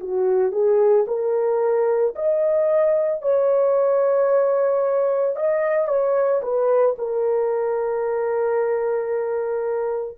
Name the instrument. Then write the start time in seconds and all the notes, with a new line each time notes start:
horn
0.00 F#4
0.52 G#4
1.07 A#4
2.15 D#5
3.21 C#5
5.35 D#5
5.87 C#5
6.42 B4
6.98 A#4